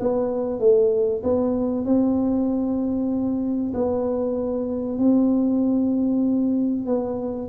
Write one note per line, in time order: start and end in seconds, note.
0.00 0.60 B3
0.60 1.22 A3
1.23 1.85 B3
1.85 3.72 C4
3.74 4.98 B3
4.98 6.86 C4
6.86 7.48 B3